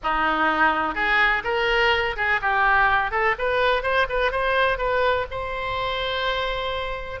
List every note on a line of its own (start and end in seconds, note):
0.03 0.94 D#4
0.94 1.42 G#4
1.44 2.16 A#4
2.16 2.40 G#4
2.41 3.11 G4
3.11 3.35 A4
3.38 3.83 B4
3.83 4.07 C5
4.09 4.31 B4
4.31 4.77 C5
4.77 5.25 B4
5.30 7.20 C5